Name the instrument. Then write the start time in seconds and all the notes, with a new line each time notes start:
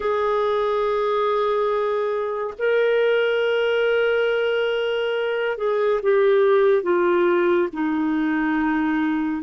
clarinet
0.00 G#4
2.58 A#4
5.57 G#4
6.02 G4
6.82 F4
7.73 D#4